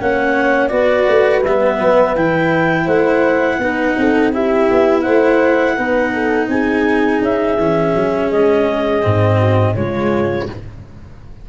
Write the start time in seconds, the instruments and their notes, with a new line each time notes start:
0.00 tuba A#3, cello C#4, horn C#5, clarinet F#5
0.68 tuba B3, cello F#4, horn B4, clarinet D5
1.08 tuba A3
1.43 tuba G3, cello B3, clarinet E5
1.80 tuba F#3
2.15 tuba E3, cello E4, clarinet G5
2.85 tuba A3, horn C5, clarinet F#5
3.58 tuba B3, cello D#4, horn B4
3.97 tuba C4, horn A4
4.33 cello E4, horn G4, clarinet E5
4.71 tuba B3
5.02 tuba A3, horn C5, clarinet F#5
5.77 tuba B3, cello D#4, horn B4
6.13 horn A4
6.48 tuba C4, horn G#4, clarinet G#5
7.22 tuba C#4, clarinet E5
7.58 tuba E3, cello C#4
7.95 tuba F#3
8.31 tuba G#3, clarinet D#5
9.02 tuba G#2, cello C4
9.38 horn F#4
9.75 tuba C#3, cello G#3, horn F4, clarinet C#5